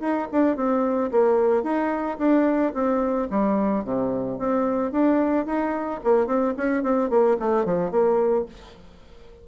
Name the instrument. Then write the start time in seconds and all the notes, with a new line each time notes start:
bassoon
0.00 D#4
0.31 D4
0.56 C4
1.11 A#3
1.63 D#4
2.18 D4
2.74 C4
3.30 G3
3.84 C3
4.39 C4
4.92 D4
5.46 D#4
6.03 A#3
6.26 C4
6.57 C#4
6.83 C4
7.10 A#3
7.39 A3
7.65 F3
7.91 A#3